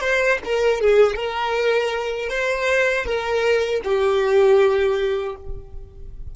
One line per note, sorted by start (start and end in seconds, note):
0.00 0.38 C5
0.45 0.80 A#4
0.80 1.15 G#4
1.15 2.29 A#4
2.29 3.05 C5
3.05 3.81 A#4
3.84 5.35 G4